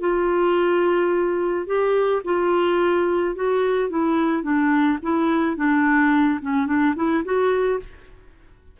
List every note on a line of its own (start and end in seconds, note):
0.00 1.66 F4
1.66 2.22 G4
2.24 3.35 F4
3.35 3.90 F#4
3.90 4.43 E4
4.43 4.98 D4
5.02 5.56 E4
5.56 6.40 D4
6.41 6.66 C#4
6.66 6.94 D4
6.96 7.23 E4
7.24 7.80 F#4